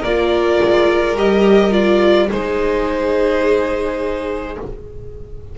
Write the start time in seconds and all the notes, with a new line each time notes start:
0.00 A#3 F4 A#4 D5
0.62 G#3
1.16 G3 G4 D#5
1.71 F4 D5
2.29 G#3 D#4 G#4 C5